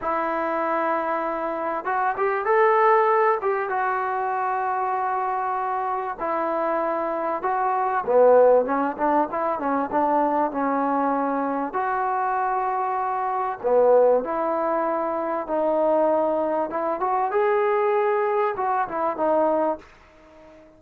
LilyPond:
\new Staff \with { instrumentName = "trombone" } { \time 4/4 \tempo 4 = 97 e'2. fis'8 g'8 | a'4. g'8 fis'2~ | fis'2 e'2 | fis'4 b4 cis'8 d'8 e'8 cis'8 |
d'4 cis'2 fis'4~ | fis'2 b4 e'4~ | e'4 dis'2 e'8 fis'8 | gis'2 fis'8 e'8 dis'4 | }